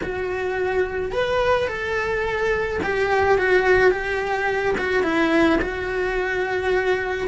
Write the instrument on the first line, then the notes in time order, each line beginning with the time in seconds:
cello
0.02 F#4
1.12 B4
1.67 A4
2.83 G4
3.38 F#4
3.91 G4
4.77 F#4
5.03 E4
5.61 F#4